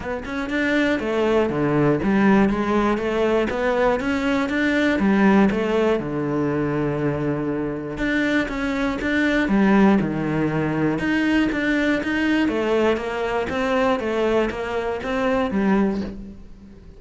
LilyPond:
\new Staff \with { instrumentName = "cello" } { \time 4/4 \tempo 4 = 120 b8 cis'8 d'4 a4 d4 | g4 gis4 a4 b4 | cis'4 d'4 g4 a4 | d1 |
d'4 cis'4 d'4 g4 | dis2 dis'4 d'4 | dis'4 a4 ais4 c'4 | a4 ais4 c'4 g4 | }